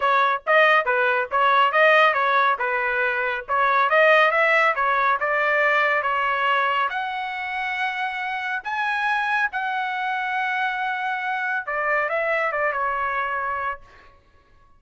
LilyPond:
\new Staff \with { instrumentName = "trumpet" } { \time 4/4 \tempo 4 = 139 cis''4 dis''4 b'4 cis''4 | dis''4 cis''4 b'2 | cis''4 dis''4 e''4 cis''4 | d''2 cis''2 |
fis''1 | gis''2 fis''2~ | fis''2. d''4 | e''4 d''8 cis''2~ cis''8 | }